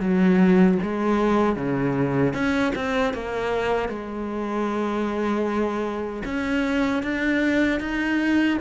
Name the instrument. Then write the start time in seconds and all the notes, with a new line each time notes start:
cello
0.00 F#3
0.82 G#3
1.55 C#3
2.33 C#4
2.75 C4
3.13 A#3
3.89 G#3
6.25 C#4
7.03 D4
7.80 D#4